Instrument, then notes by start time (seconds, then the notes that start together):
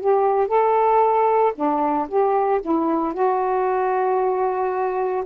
saxophone
0.00 G4
0.47 A4
1.55 D4
2.08 G4
2.61 E4
3.13 F#4